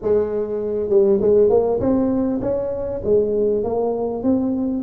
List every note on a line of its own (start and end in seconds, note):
0.02 0.89 G#3
0.89 1.19 G3
1.21 1.49 G#3
1.49 1.79 A#3
1.79 2.39 C4
2.41 3.01 C#4
3.04 3.63 G#3
3.63 4.23 A#3
4.23 4.83 C4